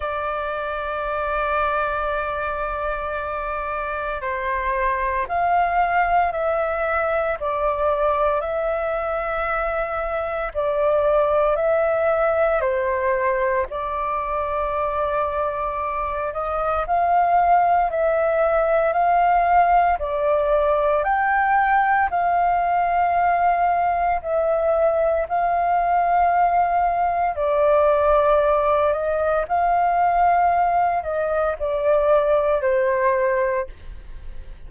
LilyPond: \new Staff \with { instrumentName = "flute" } { \time 4/4 \tempo 4 = 57 d''1 | c''4 f''4 e''4 d''4 | e''2 d''4 e''4 | c''4 d''2~ d''8 dis''8 |
f''4 e''4 f''4 d''4 | g''4 f''2 e''4 | f''2 d''4. dis''8 | f''4. dis''8 d''4 c''4 | }